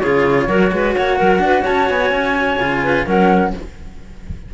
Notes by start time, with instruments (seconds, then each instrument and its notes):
0.00 cello C#3 F4, clarinet G#4, flute C#5
0.48 cello F#3 F#4, clarinet A#4
0.73 cello G#3, clarinet B4
0.96 cello A#3, clarinet C#5, flute F#5
1.18 cello F#3, clarinet A#4
1.39 cello D4
1.45 clarinet B4
1.63 cello C#4, clarinet C#5, flute A5
1.89 cello B3, flute G#5
2.11 cello C#4
2.59 cello C#3 F4
2.84 clarinet B4
3.06 cello F#3 C#4, clarinet A#4, flute F#5